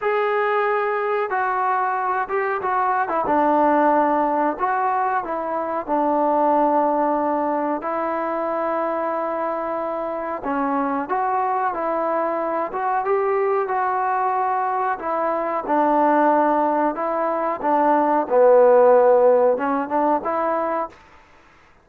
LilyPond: \new Staff \with { instrumentName = "trombone" } { \time 4/4 \tempo 4 = 92 gis'2 fis'4. g'8 | fis'8. e'16 d'2 fis'4 | e'4 d'2. | e'1 |
cis'4 fis'4 e'4. fis'8 | g'4 fis'2 e'4 | d'2 e'4 d'4 | b2 cis'8 d'8 e'4 | }